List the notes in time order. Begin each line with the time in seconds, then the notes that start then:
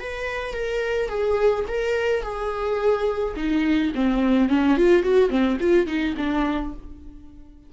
0.00 B4
0.54 A#4
1.09 G#4
1.68 A#4
2.23 G#4
3.36 D#4
3.95 C4
4.49 C#4
4.77 F4
5.03 F#4
5.30 C4
5.60 F4
5.87 D#4
6.17 D4